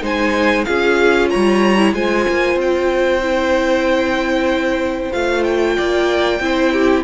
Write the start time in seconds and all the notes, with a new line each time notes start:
0.00 G#3 D#4 C5 G#5
0.64 C#4 F4 G#4 F5
1.30 G3 C#5 A#5
1.77 E4
1.93 G#3 F4 C5 G#5
2.29 A#3
2.55 C4
2.61 G5
3.22 E4
5.12 A3 F4 F5
5.43 G5
5.76 A#3 D5
6.40 C4 E4 C5
6.72 G4